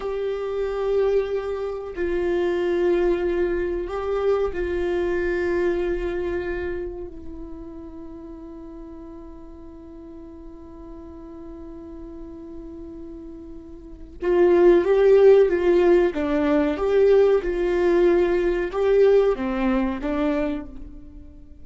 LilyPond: \new Staff \with { instrumentName = "viola" } { \time 4/4 \tempo 4 = 93 g'2. f'4~ | f'2 g'4 f'4~ | f'2. e'4~ | e'1~ |
e'1~ | e'2 f'4 g'4 | f'4 d'4 g'4 f'4~ | f'4 g'4 c'4 d'4 | }